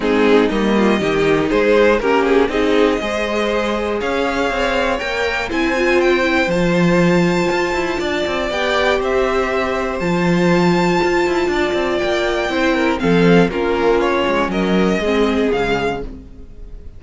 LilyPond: <<
  \new Staff \with { instrumentName = "violin" } { \time 4/4 \tempo 4 = 120 gis'4 dis''2 c''4 | ais'8 gis'8 dis''2. | f''2 g''4 gis''4 | g''4 a''2.~ |
a''4 g''4 e''2 | a''1 | g''2 f''4 ais'4 | cis''4 dis''2 f''4 | }
  \new Staff \with { instrumentName = "violin" } { \time 4/4 dis'4. f'8 g'4 gis'4 | g'4 gis'4 c''2 | cis''2. c''4~ | c''1 |
d''2 c''2~ | c''2. d''4~ | d''4 c''8 ais'8 a'4 f'4~ | f'4 ais'4 gis'2 | }
  \new Staff \with { instrumentName = "viola" } { \time 4/4 c'4 ais4 dis'2 | cis'4 dis'4 gis'2~ | gis'2 ais'4 e'8 f'8~ | f'8 e'8 f'2.~ |
f'4 g'2. | f'1~ | f'4 e'4 c'4 cis'4~ | cis'2 c'4 gis4 | }
  \new Staff \with { instrumentName = "cello" } { \time 4/4 gis4 g4 dis4 gis4 | ais4 c'4 gis2 | cis'4 c'4 ais4 c'4~ | c'4 f2 f'8 e'8 |
d'8 c'8 b4 c'2 | f2 f'8 e'8 d'8 c'8 | ais4 c'4 f4 ais4~ | ais8 gis8 fis4 gis4 cis4 | }
>>